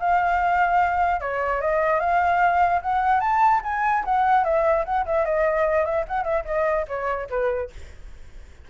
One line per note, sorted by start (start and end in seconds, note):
0.00 1.21 F5
1.21 1.61 C#5
1.61 2.00 D#5
2.00 2.81 F5
2.82 3.21 F#5
3.21 3.61 A5
3.64 4.04 G#5
4.05 4.45 F#5
4.45 4.85 E5
4.85 5.06 F#5
5.06 5.25 E5
5.25 5.85 D#5
5.85 6.06 E5
6.08 6.24 F#5
6.24 6.45 E5
6.46 6.86 D#5
6.88 7.29 C#5
7.30 7.71 B4